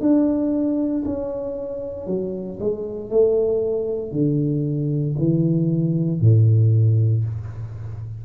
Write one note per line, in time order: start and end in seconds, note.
0.00 1.03 D4
1.05 2.06 C#4
2.06 2.58 F#3
2.60 3.10 G#3
3.10 4.12 A3
4.12 5.15 D3
5.18 6.21 E3
6.21 7.24 A2